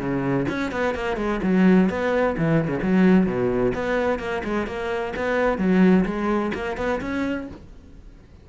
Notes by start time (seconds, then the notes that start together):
0.00 C#3
0.49 C#4
0.72 B3
0.95 A#3
1.17 G#3
1.43 F#3
1.90 B3
2.38 E3
2.68 C#3
2.83 F#3
3.26 B2
3.75 B3
4.19 A#3
4.44 G#3
4.67 A#3
5.16 B3
5.58 F#3
6.06 G#3
6.55 A#3
6.77 B3
7.01 C#4